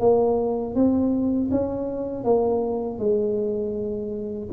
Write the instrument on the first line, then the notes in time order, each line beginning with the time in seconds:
tuba
0.00 A#3
0.75 C4
1.51 C#4
2.24 A#3
2.99 G#3